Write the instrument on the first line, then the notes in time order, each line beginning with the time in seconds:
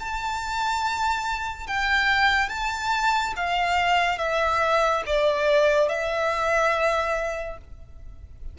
violin
0.00 A5
1.67 G5
2.49 A5
3.36 F5
4.19 E5
5.07 D5
5.89 E5